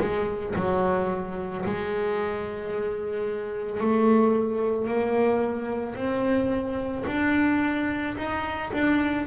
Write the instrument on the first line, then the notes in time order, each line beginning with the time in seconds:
double bass
0.00 G#3
0.56 F#3
1.65 G#3
3.80 A3
4.88 A#3
5.95 C4
7.07 D4
8.17 D#4
8.73 D4